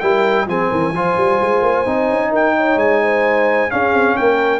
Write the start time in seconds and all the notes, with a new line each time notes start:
0.00 G3 E4 A#4 G5
0.46 F3 C4 G#4 G#5
0.70 E3 A#4
0.93 F3 F4 C5
1.17 G3
1.41 G#3
1.62 A#3
1.86 C4 D#4
2.09 C#4
2.30 D#4 A#4 G5
2.57 C#5
2.76 G#3 G#5
3.02 C5
3.70 C#4 G#4 F5
3.93 C4
4.16 A#3 A#4 G5